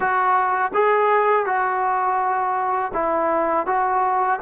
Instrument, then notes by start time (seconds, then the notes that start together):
trombone
0.00 F#4
0.74 G#4
1.45 F#4
2.93 E4
3.66 F#4